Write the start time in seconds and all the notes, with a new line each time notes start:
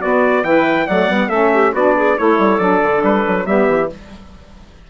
0.00 B3 F#4 D5
0.43 E3 E4 B4 G5
0.86 F#3 A3 D5 F#5
1.08 G3 B3
1.28 A3 C#4 A4 E5
1.53 G4
1.72 B3 D4 F#4 D5
1.96 G#4
2.18 A3 E4 A4 C#5
2.38 G3
2.58 F#3 D4 D5
2.83 D3
3.03 G3 B4
3.27 F#3
3.46 G3 B3 G4 E5
3.68 E3